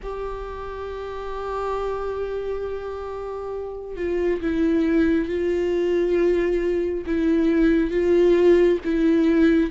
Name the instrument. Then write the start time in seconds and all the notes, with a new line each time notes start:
viola
0.02 G4
3.96 F4
4.41 E4
5.28 F4
7.06 E4
7.90 F4
8.84 E4